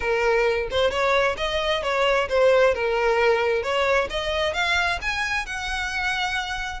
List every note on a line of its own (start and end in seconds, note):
0.00 0.68 A#4
0.70 0.90 C5
0.90 1.36 C#5
1.37 1.82 D#5
1.83 2.28 C#5
2.29 2.74 C5
2.74 3.62 A#4
3.62 4.08 C#5
4.10 4.53 D#5
4.53 4.99 F5
5.01 5.45 G#5
5.45 6.80 F#5